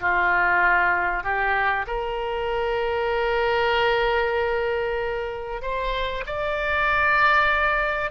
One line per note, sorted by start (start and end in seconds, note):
0.00 1.23 F4
1.23 1.86 G4
1.86 5.61 A#4
5.61 6.24 C5
6.26 8.11 D5